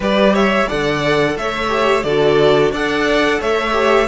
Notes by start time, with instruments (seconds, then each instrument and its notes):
0.00 cello G3, viola G4, violin B4 D5
0.33 violin C#5 E5
0.67 cello D3, viola A4, violin D5 F#5
1.36 cello A3, violin C#5 E5
1.68 viola G4
2.03 cello D3, viola F#4, violin A4 D5
2.71 cello D4, viola A4, violin D5 F#5
3.39 cello A3, violin C#5 E5
3.72 viola G4